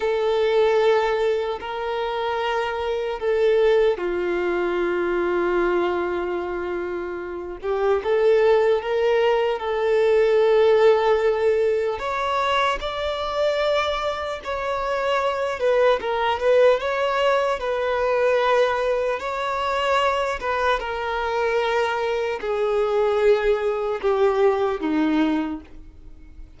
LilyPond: \new Staff \with { instrumentName = "violin" } { \time 4/4 \tempo 4 = 75 a'2 ais'2 | a'4 f'2.~ | f'4. g'8 a'4 ais'4 | a'2. cis''4 |
d''2 cis''4. b'8 | ais'8 b'8 cis''4 b'2 | cis''4. b'8 ais'2 | gis'2 g'4 dis'4 | }